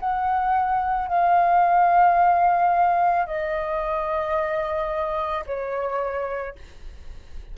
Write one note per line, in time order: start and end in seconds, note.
0.00 1.08 F#5
1.08 3.26 F5
3.27 5.45 D#5
5.46 6.56 C#5